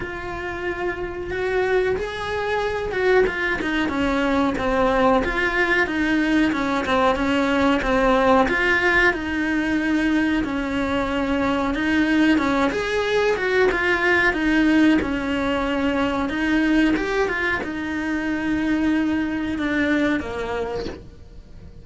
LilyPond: \new Staff \with { instrumentName = "cello" } { \time 4/4 \tempo 4 = 92 f'2 fis'4 gis'4~ | gis'8 fis'8 f'8 dis'8 cis'4 c'4 | f'4 dis'4 cis'8 c'8 cis'4 | c'4 f'4 dis'2 |
cis'2 dis'4 cis'8 gis'8~ | gis'8 fis'8 f'4 dis'4 cis'4~ | cis'4 dis'4 g'8 f'8 dis'4~ | dis'2 d'4 ais4 | }